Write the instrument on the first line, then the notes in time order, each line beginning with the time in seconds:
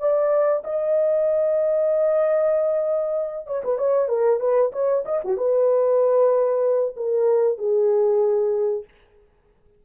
horn
0.00 D5
0.64 D#5
3.47 C#5
3.64 B4
3.78 C#5
4.09 A#4
4.41 B4
4.73 C#5
5.06 D#5
5.25 F#4
5.38 B4
6.97 A#4
7.59 G#4